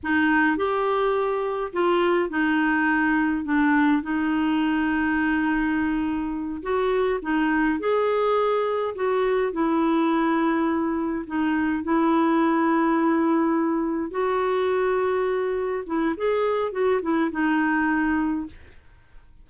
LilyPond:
\new Staff \with { instrumentName = "clarinet" } { \time 4/4 \tempo 4 = 104 dis'4 g'2 f'4 | dis'2 d'4 dis'4~ | dis'2.~ dis'8 fis'8~ | fis'8 dis'4 gis'2 fis'8~ |
fis'8 e'2. dis'8~ | dis'8 e'2.~ e'8~ | e'8 fis'2. e'8 | gis'4 fis'8 e'8 dis'2 | }